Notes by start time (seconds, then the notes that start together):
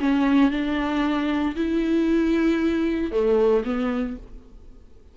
0.00 C#4
0.51 D4
1.56 E4
3.12 A3
3.65 B3